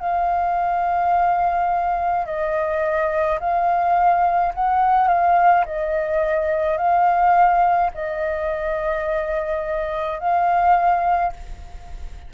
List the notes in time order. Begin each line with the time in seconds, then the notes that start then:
0.00 F5
2.26 D#5
3.40 F5
4.55 F#5
5.08 F5
5.66 D#5
6.78 F5
7.95 D#5
10.20 F5